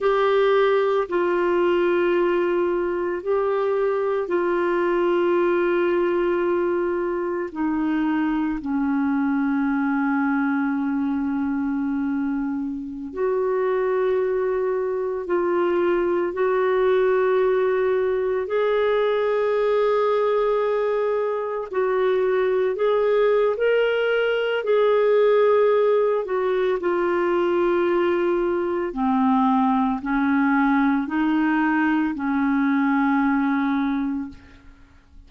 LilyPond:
\new Staff \with { instrumentName = "clarinet" } { \time 4/4 \tempo 4 = 56 g'4 f'2 g'4 | f'2. dis'4 | cis'1~ | cis'16 fis'2 f'4 fis'8.~ |
fis'4~ fis'16 gis'2~ gis'8.~ | gis'16 fis'4 gis'8. ais'4 gis'4~ | gis'8 fis'8 f'2 c'4 | cis'4 dis'4 cis'2 | }